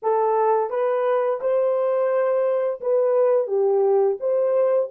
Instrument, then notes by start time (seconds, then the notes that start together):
horn
0.02 A4
0.70 B4
1.40 C5
2.80 B4
3.47 G4
4.20 C5